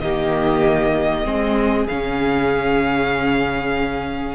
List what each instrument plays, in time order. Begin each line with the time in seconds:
0.00 cello D#3, viola A#3, violin G4 D#5
1.24 cello G#3, viola C4, violin G#4
1.87 cello C#3, viola C#4, violin F5